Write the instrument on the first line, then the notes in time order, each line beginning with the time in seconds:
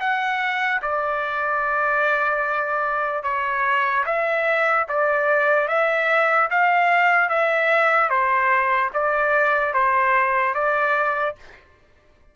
trumpet
0.00 F#5
0.82 D5
3.24 C#5
4.06 E5
4.88 D5
5.68 E5
6.50 F5
7.29 E5
8.10 C5
8.94 D5
9.74 C5
10.55 D5